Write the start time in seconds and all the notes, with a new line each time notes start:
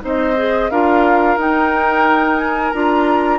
0.00 C4 D#4 C5
0.07 D#5
0.37 G#4
0.71 D4 F4 A#4 F5
1.37 D#4 G5
2.38 G#5
2.71 D4 F4 A#5